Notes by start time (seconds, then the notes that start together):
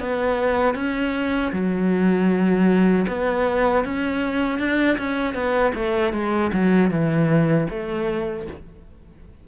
0.00 B3
0.75 C#4
1.52 F#3
3.08 B3
3.85 C#4
4.59 D4
4.98 C#4
5.34 B3
5.75 A3
6.13 G#3
6.53 F#3
6.91 E3
7.70 A3